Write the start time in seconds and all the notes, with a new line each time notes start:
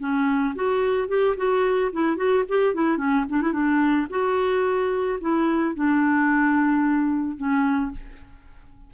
0.00 C#4
0.55 F#4
1.08 G4
1.37 F#4
1.93 E4
2.16 F#4
2.48 G4
2.74 E4
2.98 C#4
3.29 D4
3.42 E4
3.53 D4
4.10 F#4
5.21 E4
5.75 D4
7.37 C#4